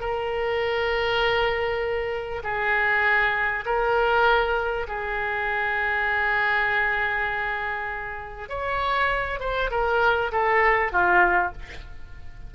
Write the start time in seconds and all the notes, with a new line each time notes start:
0.00 A#4
2.43 G#4
3.65 A#4
4.88 G#4
8.49 C#5
9.40 C5
9.71 A#4
10.32 A4
10.92 F4